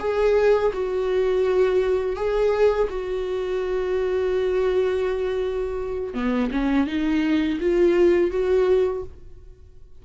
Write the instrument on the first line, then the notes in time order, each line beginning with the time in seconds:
viola
0.00 G#4
0.74 F#4
2.16 G#4
2.90 F#4
6.14 B3
6.52 C#4
6.87 D#4
7.61 F4
8.31 F#4